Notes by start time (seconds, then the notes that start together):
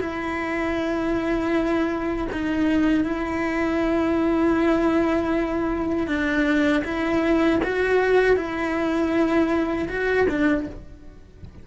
0.00 E4
2.32 D#4
3.04 E4
6.07 D4
6.85 E4
7.64 F#4
8.37 E4
9.89 F#4
10.29 D4